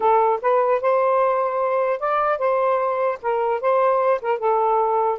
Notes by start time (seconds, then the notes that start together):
0.00 A4
0.41 B4
0.81 C5
1.99 D5
2.38 C5
3.22 A#4
3.60 C5
4.21 A#4
4.39 A4